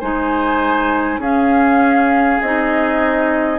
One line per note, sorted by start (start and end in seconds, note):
0.00 1.19 G#3
0.00 1.22 D#4
0.00 1.20 C5
0.00 1.21 G#5
1.19 2.39 C#4
1.19 2.42 C#4
1.19 3.59 G#4
1.19 2.42 F5
2.42 3.59 C4
2.42 3.59 D#4
2.42 3.59 D#5